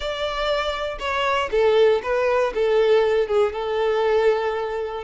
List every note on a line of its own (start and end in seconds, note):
0.00 0.98 D5
0.99 1.49 C#5
1.51 2.01 A4
2.03 2.53 B4
2.54 3.27 A4
3.27 3.52 G#4
3.52 5.04 A4